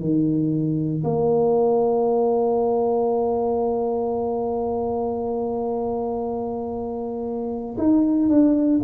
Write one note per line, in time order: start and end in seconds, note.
0.00 1.03 D#3
1.04 7.76 A#3
7.78 8.29 D#4
8.29 8.81 D4